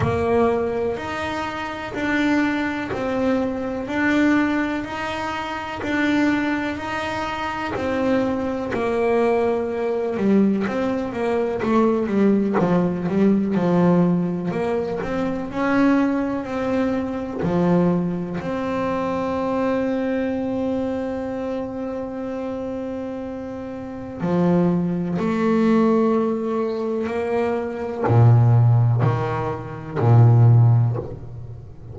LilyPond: \new Staff \with { instrumentName = "double bass" } { \time 4/4 \tempo 4 = 62 ais4 dis'4 d'4 c'4 | d'4 dis'4 d'4 dis'4 | c'4 ais4. g8 c'8 ais8 | a8 g8 f8 g8 f4 ais8 c'8 |
cis'4 c'4 f4 c'4~ | c'1~ | c'4 f4 a2 | ais4 ais,4 dis4 ais,4 | }